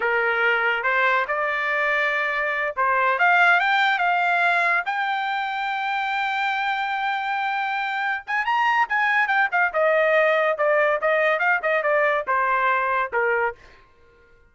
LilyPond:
\new Staff \with { instrumentName = "trumpet" } { \time 4/4 \tempo 4 = 142 ais'2 c''4 d''4~ | d''2~ d''8 c''4 f''8~ | f''8 g''4 f''2 g''8~ | g''1~ |
g''2.~ g''8 gis''8 | ais''4 gis''4 g''8 f''8 dis''4~ | dis''4 d''4 dis''4 f''8 dis''8 | d''4 c''2 ais'4 | }